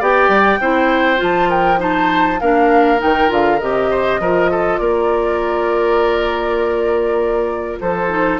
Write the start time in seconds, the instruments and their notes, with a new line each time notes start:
0.00 bassoon B3, clarinet G4, oboe D5, flute G5
0.29 bassoon G3
0.61 bassoon C4, clarinet E4, oboe C5
1.17 bassoon F3, clarinet F4
1.23 flute A5
1.49 oboe A#4, flute G5
1.78 clarinet D#4, oboe C5, flute A5
2.40 bassoon A#3, clarinet D4, oboe A#4, flute F5
2.99 bassoon D#3, clarinet D#4, flute G5
3.28 bassoon D3, clarinet F4, flute F5
3.60 bassoon C3, clarinet G4, flute D#5
3.91 oboe C5
4.20 bassoon F3, clarinet F4, oboe A#4
4.51 oboe A4
4.78 bassoon A#3, oboe A#4, flute D5
7.81 bassoon F3, oboe A4, flute C5
8.10 clarinet D#4